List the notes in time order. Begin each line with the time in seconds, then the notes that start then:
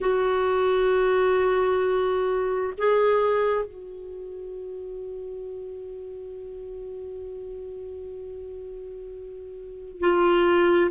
0.00 F#4
2.77 G#4
3.65 F#4
10.00 F4